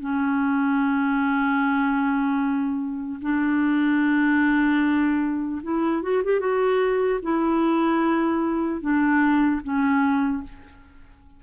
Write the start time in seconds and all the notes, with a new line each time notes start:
0.00 C#4
3.21 D4
5.63 E4
6.02 F#4
6.24 G4
6.40 F#4
7.22 E4
8.81 D4
9.63 C#4